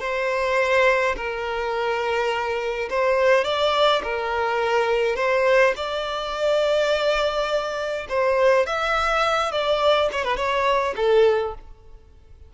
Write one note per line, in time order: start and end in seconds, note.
0.00 1.15 C5
1.16 2.89 A#4
2.90 3.44 C5
3.44 4.02 D5
4.03 5.16 A#4
5.16 5.74 C5
5.76 8.07 D5
8.09 8.66 C5
8.66 9.51 E5
9.51 10.09 D5
10.12 10.24 C#5
10.24 10.36 B4
10.36 10.94 C#5
10.96 11.54 A4